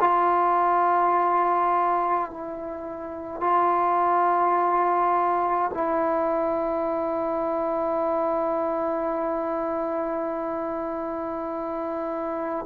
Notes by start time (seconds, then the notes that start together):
0.00 F4
2.31 E4
3.40 F4
5.74 E4